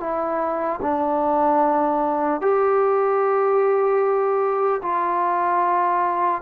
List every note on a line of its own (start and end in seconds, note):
0.00 0.80 E4
0.82 2.41 D4
2.41 4.81 G4
4.83 6.41 F4